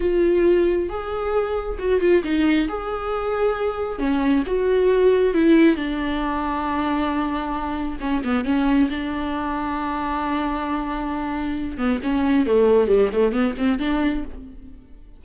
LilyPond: \new Staff \with { instrumentName = "viola" } { \time 4/4 \tempo 4 = 135 f'2 gis'2 | fis'8 f'8 dis'4 gis'2~ | gis'4 cis'4 fis'2 | e'4 d'2.~ |
d'2 cis'8 b8 cis'4 | d'1~ | d'2~ d'8 b8 cis'4 | a4 g8 a8 b8 c'8 d'4 | }